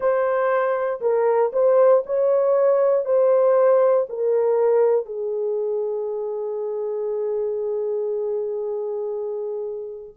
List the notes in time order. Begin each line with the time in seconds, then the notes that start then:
0.00 C5
1.00 A#4
1.53 C5
2.06 C#5
3.05 C5
4.09 A#4
5.05 G#4